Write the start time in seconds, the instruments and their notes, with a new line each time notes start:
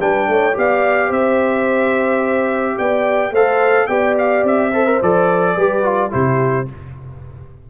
0.00 tuba G3, trombone D4, horn B4, trumpet G5
0.28 tuba A3, horn C#5
0.53 tuba B3, trombone G4, horn D5, trumpet F5
1.08 tuba C4, horn C5, trumpet E5
2.78 tuba B3, horn D5, trumpet G5
3.31 tuba A3, trombone A4, horn C5, trumpet F5
3.86 tuba B3, trombone G4, horn D5, trumpet G5
4.18 trumpet F5
4.43 tuba C4, trumpet E5
4.72 trombone A4, horn C5
4.86 trombone A#4
5.02 tuba F3, trombone A4, trumpet D5
5.55 tuba G3, trombone G4, horn B4
5.83 trombone F4
6.09 tuba C3, trombone E4, horn G4, trumpet C5